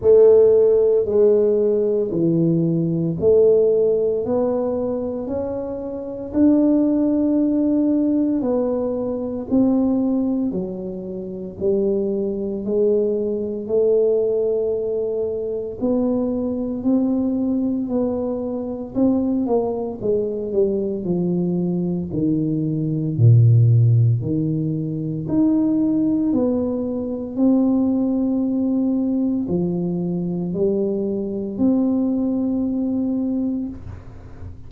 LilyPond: \new Staff \with { instrumentName = "tuba" } { \time 4/4 \tempo 4 = 57 a4 gis4 e4 a4 | b4 cis'4 d'2 | b4 c'4 fis4 g4 | gis4 a2 b4 |
c'4 b4 c'8 ais8 gis8 g8 | f4 dis4 ais,4 dis4 | dis'4 b4 c'2 | f4 g4 c'2 | }